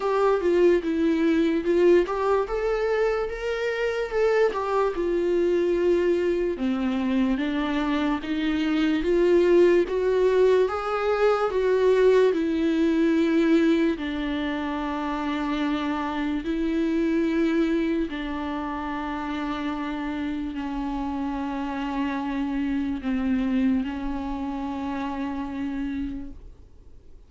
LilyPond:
\new Staff \with { instrumentName = "viola" } { \time 4/4 \tempo 4 = 73 g'8 f'8 e'4 f'8 g'8 a'4 | ais'4 a'8 g'8 f'2 | c'4 d'4 dis'4 f'4 | fis'4 gis'4 fis'4 e'4~ |
e'4 d'2. | e'2 d'2~ | d'4 cis'2. | c'4 cis'2. | }